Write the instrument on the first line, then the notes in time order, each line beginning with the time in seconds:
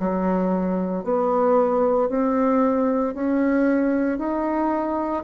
bassoon
0.00 F#3
1.04 B3
2.09 C4
3.14 C#4
4.19 D#4